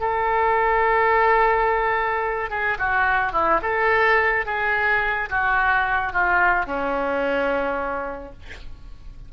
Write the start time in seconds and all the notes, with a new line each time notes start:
0.00 A4
2.50 G#4
2.79 F#4
3.33 E4
3.62 A4
4.46 G#4
5.30 F#4
6.13 F4
6.66 C#4